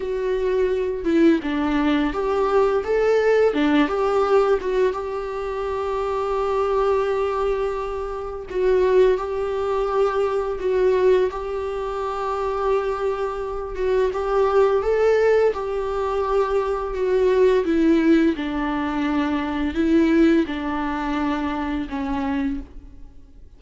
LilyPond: \new Staff \with { instrumentName = "viola" } { \time 4/4 \tempo 4 = 85 fis'4. e'8 d'4 g'4 | a'4 d'8 g'4 fis'8 g'4~ | g'1 | fis'4 g'2 fis'4 |
g'2.~ g'8 fis'8 | g'4 a'4 g'2 | fis'4 e'4 d'2 | e'4 d'2 cis'4 | }